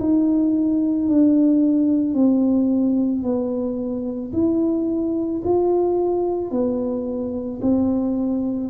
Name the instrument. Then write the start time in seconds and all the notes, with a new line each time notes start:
tuba
0.00 D#4
1.09 D4
2.14 C4
3.23 B3
4.33 E4
5.44 F4
6.51 B3
7.62 C4